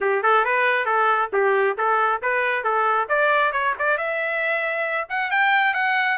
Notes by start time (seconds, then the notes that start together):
0.00 G4
0.22 A4
0.44 B4
0.85 A4
1.33 G4
1.77 A4
2.22 B4
2.64 A4
3.08 D5
3.52 C#5
3.78 D5
3.97 E5
5.09 F#5
5.30 G5
5.74 F#5